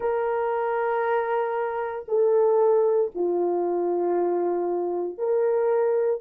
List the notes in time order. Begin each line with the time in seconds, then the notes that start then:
0.00 A#4
2.07 A4
3.14 F4
5.17 A#4